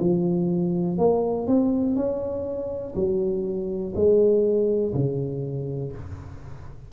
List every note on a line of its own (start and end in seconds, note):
0.00 0.98 F3
0.98 1.48 A#3
1.48 1.96 C4
1.96 2.95 C#4
2.95 3.93 F#3
3.95 4.94 G#3
4.94 5.93 C#3